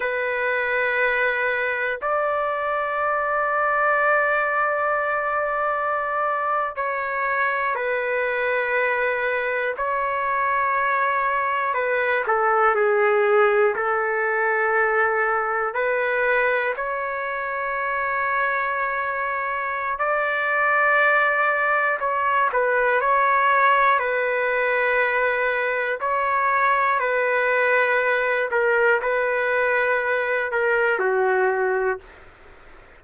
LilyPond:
\new Staff \with { instrumentName = "trumpet" } { \time 4/4 \tempo 4 = 60 b'2 d''2~ | d''2~ d''8. cis''4 b'16~ | b'4.~ b'16 cis''2 b'16~ | b'16 a'8 gis'4 a'2 b'16~ |
b'8. cis''2.~ cis''16 | d''2 cis''8 b'8 cis''4 | b'2 cis''4 b'4~ | b'8 ais'8 b'4. ais'8 fis'4 | }